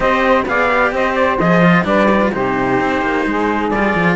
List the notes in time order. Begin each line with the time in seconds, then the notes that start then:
0.00 C4 G4 C5 D#5
0.45 B3 G#4 D5 F5
0.69 G4
0.91 C4 C5 D#5
1.14 D5
1.39 F3 G#4 D#5
1.62 F4
1.84 G3 D4 B4 D5
2.10 D#4
2.21 F4
2.32 C3 D#4 G4 C5
2.79 C4
3.02 A#3
3.25 G#3 G#4
3.69 G3 F4 D5
3.94 F3